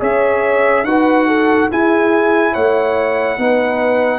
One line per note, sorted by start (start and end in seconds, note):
0.00 0.84 C#4
0.00 0.85 G#4
0.00 0.85 C#5
0.00 0.85 E5
0.84 1.68 D#4
0.84 1.71 F#4
0.84 1.28 B4
0.84 1.70 F#5
1.28 1.70 A4
1.71 3.39 E4
1.71 2.56 E4
1.71 2.53 G#4
1.71 2.55 G#5
2.53 3.38 A3
2.53 3.37 C#5
2.53 4.20 F#5
3.38 4.20 B3
3.38 4.20 D#4
3.38 4.20 B4